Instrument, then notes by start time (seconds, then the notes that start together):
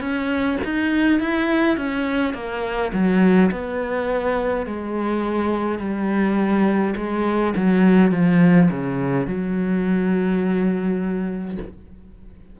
cello
0.00 C#4
0.65 D#4
1.20 E4
1.77 C#4
2.34 A#3
2.93 F#3
3.51 B3
4.66 G#3
5.78 G3
6.97 G#3
7.56 F#3
8.11 F3
8.70 C#3
9.27 F#3